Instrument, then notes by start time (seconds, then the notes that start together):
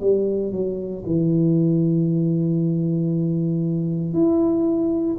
tuba
0.00 G3
0.52 F#3
1.06 E3
4.13 E4